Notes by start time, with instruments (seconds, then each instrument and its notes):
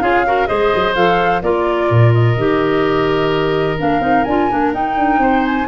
0.00 tuba C#4, clarinet F4, oboe G#4, flute F5
0.26 clarinet F#4, oboe A#4
0.47 tuba G#3, clarinet G#4, oboe C5, flute D#5
0.75 tuba F#3
0.95 tuba F3, clarinet A4, flute F5
1.42 tuba A#3, clarinet F4, oboe A#4, flute D5
1.91 tuba A#2
2.14 flute D#5
2.37 tuba D#3, clarinet G4
3.78 tuba A#3, clarinet D4, flute F5
4.01 tuba C4, clarinet D#4
4.24 tuba D4, clarinet F4, flute G#5
4.51 tuba A#3, clarinet D4
4.73 clarinet D#4, tuba D#4, flute G5
4.97 tuba D4
5.18 tuba C4, oboe C5
5.45 flute G#5